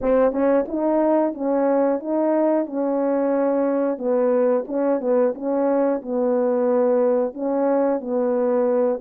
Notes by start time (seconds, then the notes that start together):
0.01 C4
0.32 C#4
0.68 D#4
1.34 C#4
1.99 D#4
2.66 C#4
3.98 B3
4.67 C#4
5.00 B3
5.35 C#4
6.02 B3
7.33 C#4
8.00 B3